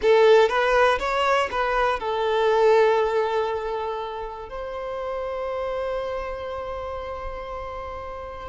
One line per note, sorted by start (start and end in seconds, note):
0.02 0.48 A4
0.48 0.98 B4
0.99 1.49 C#5
1.51 1.99 B4
1.99 4.49 A4
4.49 8.48 C5